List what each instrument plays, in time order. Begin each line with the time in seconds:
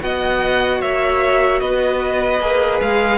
0.00 cello B3, viola F#4, violin D#5 F#5
0.81 cello A#3, violin C#5 E5
1.60 cello B3, violin B4 D#5
2.41 cello A#3, viola G#4
2.81 cello G#3, violin F5